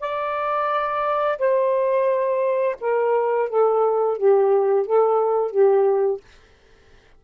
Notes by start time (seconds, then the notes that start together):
0.00 D5
1.38 C5
2.81 A#4
3.49 A4
4.18 G4
4.87 A4
5.51 G4